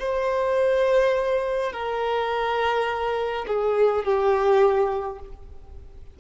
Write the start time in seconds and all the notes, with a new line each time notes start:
0.00 C5
1.73 A#4
3.48 G#4
4.05 G4